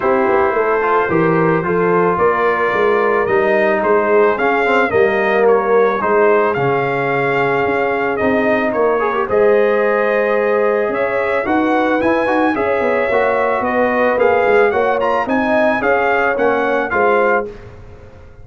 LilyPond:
<<
  \new Staff \with { instrumentName = "trumpet" } { \time 4/4 \tempo 4 = 110 c''1 | d''2 dis''4 c''4 | f''4 dis''4 cis''4 c''4 | f''2. dis''4 |
cis''4 dis''2. | e''4 fis''4 gis''4 e''4~ | e''4 dis''4 f''4 fis''8 ais''8 | gis''4 f''4 fis''4 f''4 | }
  \new Staff \with { instrumentName = "horn" } { \time 4/4 g'4 a'4 ais'4 a'4 | ais'2. gis'4~ | gis'4 ais'2 gis'4~ | gis'1 |
ais'4 c''2. | cis''4 b'2 cis''4~ | cis''4 b'2 cis''4 | dis''4 cis''2 c''4 | }
  \new Staff \with { instrumentName = "trombone" } { \time 4/4 e'4. f'8 g'4 f'4~ | f'2 dis'2 | cis'8 c'8 ais2 dis'4 | cis'2. dis'4~ |
dis'8 gis'16 g'16 gis'2.~ | gis'4 fis'4 e'8 fis'8 gis'4 | fis'2 gis'4 fis'8 f'8 | dis'4 gis'4 cis'4 f'4 | }
  \new Staff \with { instrumentName = "tuba" } { \time 4/4 c'8 b8 a4 e4 f4 | ais4 gis4 g4 gis4 | cis'4 g2 gis4 | cis2 cis'4 c'4 |
ais4 gis2. | cis'4 dis'4 e'8 dis'8 cis'8 b8 | ais4 b4 ais8 gis8 ais4 | c'4 cis'4 ais4 gis4 | }
>>